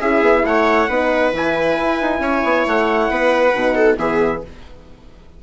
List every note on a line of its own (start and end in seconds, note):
0.00 0.21 C#4
0.00 0.89 E4
0.00 0.44 G#4
0.00 0.45 E5
0.21 0.43 B3
0.45 0.89 A3
0.45 0.88 C#5
0.45 1.33 F#5
0.88 1.33 B3
0.88 1.33 D#4
0.88 2.20 B4
1.33 1.77 E3
1.33 3.53 E4
1.33 2.68 G#5
1.78 2.00 E4
2.01 2.19 D#4
2.19 2.42 C#4
2.19 3.11 C#5
2.44 2.66 B3
2.66 3.09 A3
2.66 3.98 F#5
3.09 3.54 B3
3.09 3.75 B4
3.54 3.98 B2
3.54 3.98 D#4
3.75 3.97 A4
3.98 4.42 E3
3.98 4.42 B3
3.98 4.43 G#4
3.98 4.42 E5